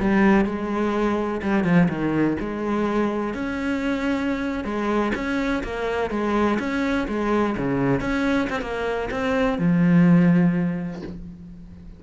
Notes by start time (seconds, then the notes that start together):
0.00 G3
0.46 G#3
1.42 G3
1.65 F3
1.89 D#3
2.40 G#3
3.34 C#4
4.65 G#3
5.15 C#4
5.64 A#3
6.10 G#3
6.60 C#4
7.08 G#3
7.58 C#3
8.01 C#4
8.50 C4
8.61 A#3
9.11 C4
9.59 F3